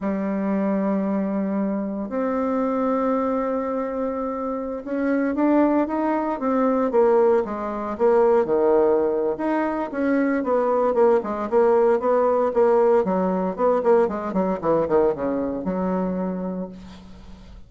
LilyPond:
\new Staff \with { instrumentName = "bassoon" } { \time 4/4 \tempo 4 = 115 g1 | c'1~ | c'4~ c'16 cis'4 d'4 dis'8.~ | dis'16 c'4 ais4 gis4 ais8.~ |
ais16 dis4.~ dis16 dis'4 cis'4 | b4 ais8 gis8 ais4 b4 | ais4 fis4 b8 ais8 gis8 fis8 | e8 dis8 cis4 fis2 | }